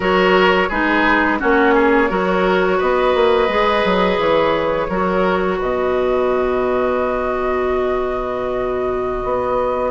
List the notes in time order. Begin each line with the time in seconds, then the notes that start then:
0.00 F#3 F#4 A#4 C#5
0.68 G#3 D#4 G#4 B4
1.38 A#3 C#4 F#4 C#5
1.74 G#4
2.08 F#3 F#4 A#4
2.77 B3 B4 D#5
3.14 A#3
3.48 G#3 G#4
3.84 F#3
4.17 E3 C#5
4.89 F#3 F#4 A#4
5.58 B2 B4 D#5
9.24 B3